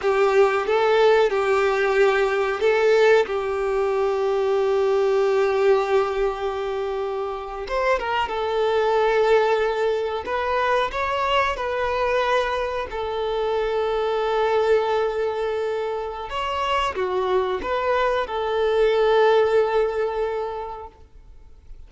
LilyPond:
\new Staff \with { instrumentName = "violin" } { \time 4/4 \tempo 4 = 92 g'4 a'4 g'2 | a'4 g'2.~ | g'2.~ g'8. c''16~ | c''16 ais'8 a'2. b'16~ |
b'8. cis''4 b'2 a'16~ | a'1~ | a'4 cis''4 fis'4 b'4 | a'1 | }